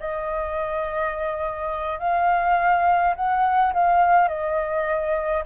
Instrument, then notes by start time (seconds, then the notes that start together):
flute
0.00 D#5
1.99 F5
3.15 F#5
3.73 F5
4.28 D#5